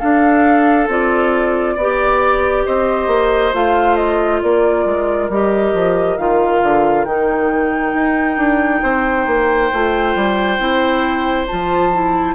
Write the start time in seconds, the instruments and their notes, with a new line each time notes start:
0.00 clarinet D4, bassoon D4, oboe A4, flute F5
0.88 bassoon C4, clarinet F4, flute D5
1.75 bassoon B3, oboe D5
1.81 clarinet G4
2.66 bassoon C4, oboe C5, flute D#5
3.08 bassoon A#3
3.54 bassoon A3, clarinet F4, flute F5
3.97 flute D#5
4.42 bassoon A#3, oboe A#4, flute D5
4.85 bassoon G#3
5.29 bassoon G3, clarinet G4, flute D#5
5.74 bassoon F3
6.18 bassoon D#3, clarinet F4, flute F5
6.63 bassoon D3
7.05 bassoon D#3, clarinet D#4, flute G5
7.94 bassoon D#4
8.38 bassoon D4
8.83 bassoon C4, oboe C5
9.27 bassoon A#3
9.74 bassoon A3, clarinet F4
10.16 bassoon G3
10.59 bassoon C4, clarinet E4
11.48 bassoon F3, clarinet F4, flute A5
11.94 clarinet E4